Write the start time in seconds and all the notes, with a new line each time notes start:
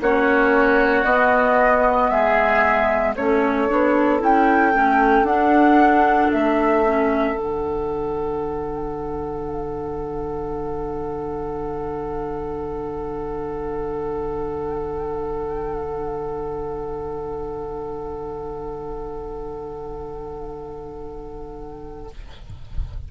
0.00 A#3 C#4 F#4 C#5
1.04 B3 D#5
2.09 G#3 G#4 E5
3.15 A3 C#4 A4 C#5
3.68 B3 D4
4.19 C#4 E4 G5
4.73 A3 C#4
5.22 D4 F#5
6.32 A3 E5
6.85 C#4
7.35 D3 D4 F#5